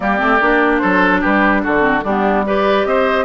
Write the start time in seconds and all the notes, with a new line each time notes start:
0.00 G3 A#3 G4 D5
0.17 A3 C4
0.41 A#3 D4
0.78 F#3 A4 C5
1.20 G3 G4 B4
1.63 D3 F#4 A4
1.79 C4
2.04 G3 B3 D4 G4
2.45 G4 B4 D5
2.85 C4 C5 D#5